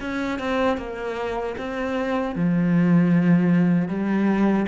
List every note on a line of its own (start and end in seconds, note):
0.00 0.39 C#4
0.39 0.77 C4
0.77 1.55 A#3
1.58 2.36 C4
2.36 3.88 F3
3.88 4.66 G3